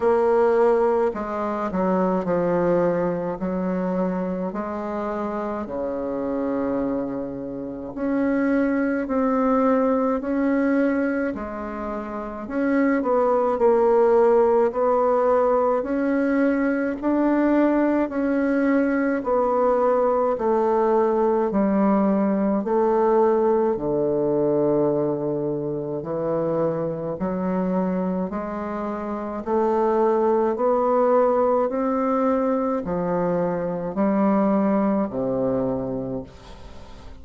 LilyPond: \new Staff \with { instrumentName = "bassoon" } { \time 4/4 \tempo 4 = 53 ais4 gis8 fis8 f4 fis4 | gis4 cis2 cis'4 | c'4 cis'4 gis4 cis'8 b8 | ais4 b4 cis'4 d'4 |
cis'4 b4 a4 g4 | a4 d2 e4 | fis4 gis4 a4 b4 | c'4 f4 g4 c4 | }